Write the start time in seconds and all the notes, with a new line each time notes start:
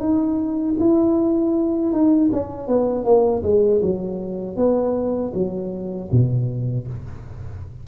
0.00 D#4
0.80 E4
1.93 D#4
2.33 C#4
2.68 B3
3.05 A#3
3.43 G#3
3.82 F#3
4.57 B3
5.34 F#3
6.12 B2